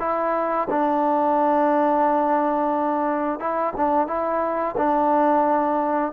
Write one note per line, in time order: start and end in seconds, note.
0.00 0.68 E4
0.70 3.40 D4
3.40 3.74 E4
3.77 4.08 D4
4.08 4.76 E4
4.78 6.13 D4